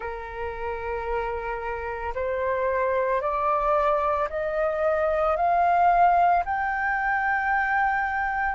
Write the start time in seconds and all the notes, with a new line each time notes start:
0.00 A#4
2.14 C5
3.21 D5
4.29 D#5
5.36 F5
6.45 G5